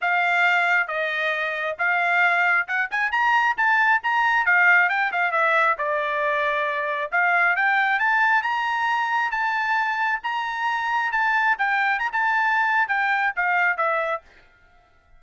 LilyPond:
\new Staff \with { instrumentName = "trumpet" } { \time 4/4 \tempo 4 = 135 f''2 dis''2 | f''2 fis''8 gis''8 ais''4 | a''4 ais''4 f''4 g''8 f''8 | e''4 d''2. |
f''4 g''4 a''4 ais''4~ | ais''4 a''2 ais''4~ | ais''4 a''4 g''4 ais''16 a''8.~ | a''4 g''4 f''4 e''4 | }